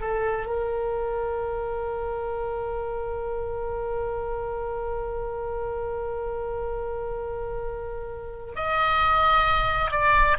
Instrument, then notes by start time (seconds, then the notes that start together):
oboe
0.00 A4
0.46 A#4
8.56 D#5
9.91 D5